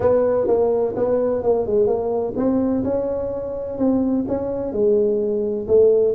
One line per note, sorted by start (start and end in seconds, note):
0.00 0.47 B3
0.47 0.94 A#3
0.96 1.43 B3
1.43 1.66 A#3
1.66 1.86 G#3
1.86 2.33 A#3
2.36 2.83 C4
2.83 3.78 C#4
3.78 4.25 C4
4.28 4.72 C#4
4.72 5.66 G#3
5.67 6.14 A3